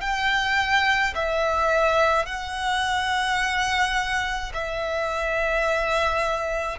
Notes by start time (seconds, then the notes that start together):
0.00 G5
1.15 E5
2.25 F#5
4.53 E5